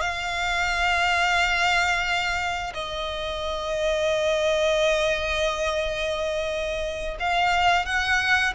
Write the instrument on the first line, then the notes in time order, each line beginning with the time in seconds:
violin
0.00 F5
2.74 D#5
7.20 F5
7.85 F#5